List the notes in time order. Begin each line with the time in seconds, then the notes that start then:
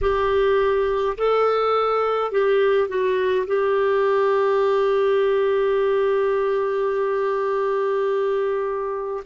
0.01 G4
1.17 A4
2.31 G4
2.88 F#4
3.46 G4